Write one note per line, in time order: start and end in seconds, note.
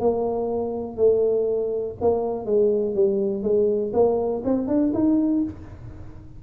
0.00 0.97 A#3
0.97 1.95 A3
2.01 2.46 A#3
2.46 2.95 G#3
2.95 3.43 G3
3.43 3.92 G#3
3.93 4.42 A#3
4.44 4.68 C4
4.68 4.92 D4
4.94 5.43 D#4